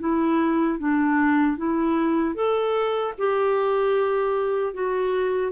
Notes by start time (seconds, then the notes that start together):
0.00 E4
0.79 D4
1.58 E4
2.35 A4
3.18 G4
4.74 F#4